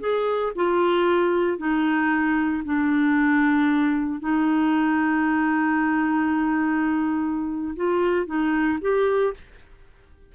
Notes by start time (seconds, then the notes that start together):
0.00 G#4
0.56 F4
1.58 D#4
2.65 D4
4.20 D#4
7.76 F4
8.26 D#4
8.81 G4